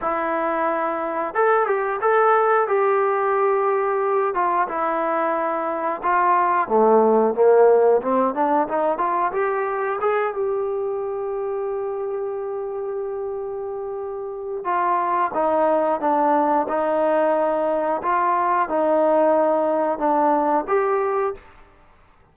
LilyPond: \new Staff \with { instrumentName = "trombone" } { \time 4/4 \tempo 4 = 90 e'2 a'8 g'8 a'4 | g'2~ g'8 f'8 e'4~ | e'4 f'4 a4 ais4 | c'8 d'8 dis'8 f'8 g'4 gis'8 g'8~ |
g'1~ | g'2 f'4 dis'4 | d'4 dis'2 f'4 | dis'2 d'4 g'4 | }